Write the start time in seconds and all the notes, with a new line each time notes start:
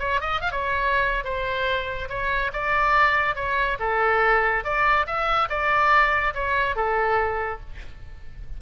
0.00 C#5
0.21 D#5
0.41 F5
0.52 C#5
1.24 C5
2.10 C#5
2.53 D5
3.36 C#5
3.80 A4
4.64 D5
5.07 E5
5.50 D5
6.35 C#5
6.76 A4